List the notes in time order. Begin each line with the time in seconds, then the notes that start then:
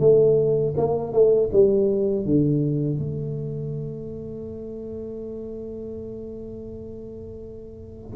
0.00 A3
0.77 A#3
1.13 A3
1.53 G3
2.26 D3
2.99 A3